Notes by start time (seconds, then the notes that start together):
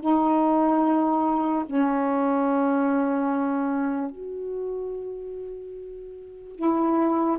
0.00 D#4
1.65 C#4
4.11 F#4
6.55 E4